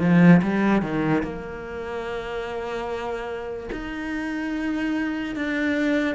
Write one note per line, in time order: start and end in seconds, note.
0.00 0.41 F3
0.43 0.82 G3
0.82 1.23 D#3
1.23 3.69 A#3
3.72 5.35 D#4
5.35 6.15 D4